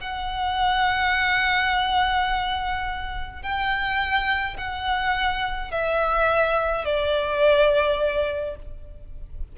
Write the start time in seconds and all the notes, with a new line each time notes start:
0.00 F#5
3.42 G5
4.57 F#5
5.71 E5
6.84 D5